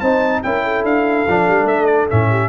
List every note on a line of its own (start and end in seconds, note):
0.00 0.43 C4
0.00 0.44 D#4
0.00 0.42 C5
0.00 0.42 A5
0.43 0.84 C#4
0.43 1.27 E4
0.43 0.64 A#4
0.43 0.85 G5
0.64 2.30 A4
0.84 1.25 D4
0.84 1.67 F5
1.28 1.49 F3
1.28 2.10 D4
1.49 1.65 G3
1.65 2.06 A3
1.65 1.86 E5
1.86 2.06 D5
2.10 2.49 A2
2.10 2.49 C#4
2.10 2.49 E5
2.30 2.49 G4